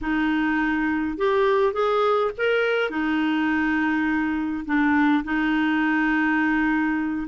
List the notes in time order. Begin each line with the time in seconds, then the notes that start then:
0.01 D#4
1.17 G4
1.73 G#4
2.37 A#4
2.90 D#4
4.65 D4
5.23 D#4